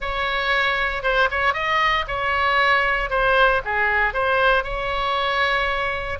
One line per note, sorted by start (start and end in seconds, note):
0.00 1.02 C#5
1.02 1.28 C5
1.30 1.53 C#5
1.53 2.05 D#5
2.07 3.10 C#5
3.10 3.61 C5
3.65 4.13 G#4
4.13 4.63 C5
4.63 6.18 C#5